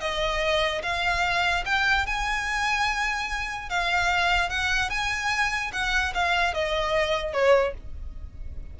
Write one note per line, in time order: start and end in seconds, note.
0.00 0.82 D#5
0.82 1.64 F5
1.65 2.06 G5
2.06 3.69 G#5
3.69 4.49 F5
4.49 4.90 F#5
4.90 5.71 G#5
5.72 6.13 F#5
6.14 6.53 F5
6.53 7.33 D#5
7.33 7.74 C#5